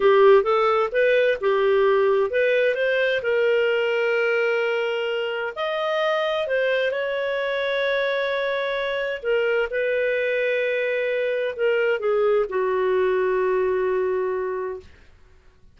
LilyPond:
\new Staff \with { instrumentName = "clarinet" } { \time 4/4 \tempo 4 = 130 g'4 a'4 b'4 g'4~ | g'4 b'4 c''4 ais'4~ | ais'1 | dis''2 c''4 cis''4~ |
cis''1 | ais'4 b'2.~ | b'4 ais'4 gis'4 fis'4~ | fis'1 | }